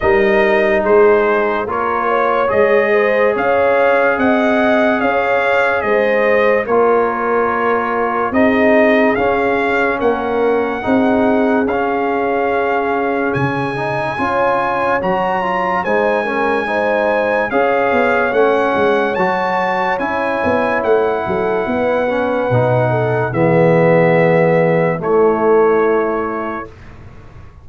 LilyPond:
<<
  \new Staff \with { instrumentName = "trumpet" } { \time 4/4 \tempo 4 = 72 dis''4 c''4 cis''4 dis''4 | f''4 fis''4 f''4 dis''4 | cis''2 dis''4 f''4 | fis''2 f''2 |
gis''2 ais''4 gis''4~ | gis''4 f''4 fis''4 a''4 | gis''4 fis''2. | e''2 cis''2 | }
  \new Staff \with { instrumentName = "horn" } { \time 4/4 ais'4 gis'4 ais'8 cis''4 c''8 | cis''4 dis''4 cis''4 c''4 | ais'2 gis'2 | ais'4 gis'2.~ |
gis'4 cis''2 c''8 ais'8 | c''4 cis''2.~ | cis''4. a'8 b'4. a'8 | gis'2 e'2 | }
  \new Staff \with { instrumentName = "trombone" } { \time 4/4 dis'2 f'4 gis'4~ | gis'1 | f'2 dis'4 cis'4~ | cis'4 dis'4 cis'2~ |
cis'8 dis'8 f'4 fis'8 f'8 dis'8 cis'8 | dis'4 gis'4 cis'4 fis'4 | e'2~ e'8 cis'8 dis'4 | b2 a2 | }
  \new Staff \with { instrumentName = "tuba" } { \time 4/4 g4 gis4 ais4 gis4 | cis'4 c'4 cis'4 gis4 | ais2 c'4 cis'4 | ais4 c'4 cis'2 |
cis4 cis'4 fis4 gis4~ | gis4 cis'8 b8 a8 gis8 fis4 | cis'8 b8 a8 fis8 b4 b,4 | e2 a2 | }
>>